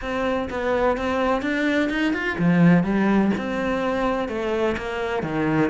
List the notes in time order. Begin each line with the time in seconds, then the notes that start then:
0.01 C4
0.50 B3
0.97 C4
1.42 D4
1.89 D#4
2.13 F4
2.38 F3
2.83 G3
3.37 C4
4.28 A3
4.77 A#3
5.23 D#3